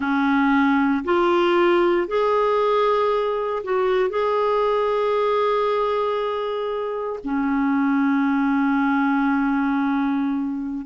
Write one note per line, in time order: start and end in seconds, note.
0.00 1.03 C#4
1.04 2.07 F4
2.07 3.63 G#4
3.63 4.09 F#4
4.09 7.19 G#4
7.24 10.86 C#4